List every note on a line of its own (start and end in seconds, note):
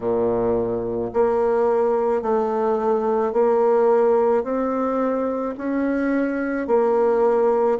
0.00 1.11 A#2
1.13 2.22 A#3
2.22 3.32 A3
3.32 4.43 A#3
4.43 5.55 C4
5.57 6.67 C#4
6.67 7.78 A#3